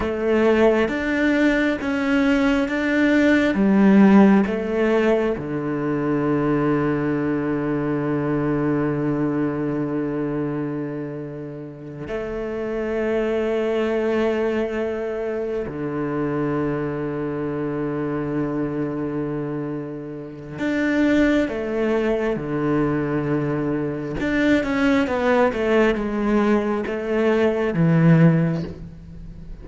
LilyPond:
\new Staff \with { instrumentName = "cello" } { \time 4/4 \tempo 4 = 67 a4 d'4 cis'4 d'4 | g4 a4 d2~ | d1~ | d4. a2~ a8~ |
a4. d2~ d8~ | d2. d'4 | a4 d2 d'8 cis'8 | b8 a8 gis4 a4 e4 | }